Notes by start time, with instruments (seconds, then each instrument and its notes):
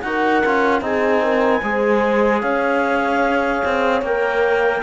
0.00 cello D#4, trombone F#4, horn A#4, clarinet F#5
0.45 cello C#4, trombone F4
0.81 cello C4, trombone D#4, horn G#4, clarinet G#5
1.22 horn A#4
1.62 cello G#3, trombone G#4, horn C5
2.41 cello C#4, horn C#5, clarinet F5
3.64 cello C4
4.02 cello A#3, trombone A#4, clarinet G5